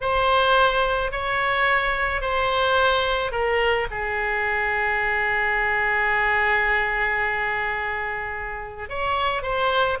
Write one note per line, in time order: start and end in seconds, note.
0.00 1.11 C5
1.11 2.21 C#5
2.21 3.31 C5
3.31 3.87 A#4
3.90 8.89 G#4
8.89 9.42 C#5
9.42 9.97 C5